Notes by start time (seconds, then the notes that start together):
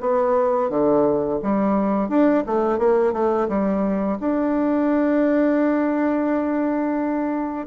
0.00 B3
0.69 D3
1.42 G3
2.09 D4
2.46 A3
2.78 A#3
3.12 A3
3.48 G3
4.20 D4